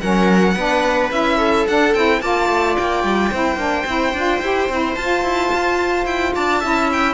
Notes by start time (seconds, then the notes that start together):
0.00 F#3 C#4 A#4 F#5
0.55 B3 D4 B4
1.11 C#4 E4 E5
1.37 A4
1.67 D4 F#5
1.94 C4 E4 G5
2.21 A#3 F4 D5 A5
2.49 A3
2.77 A#3 G5
3.03 G3
3.31 C4 E4 C5
3.55 A#3 D4
3.86 C4 E4
4.13 D4 F4
4.41 E4 G4
4.68 C4 E4
4.94 F4 A5
5.01 F4
5.23 E4
5.54 F4
6.05 E4 G5
6.35 D4 D5 A5
6.60 C#4 E4 E5
6.92 G5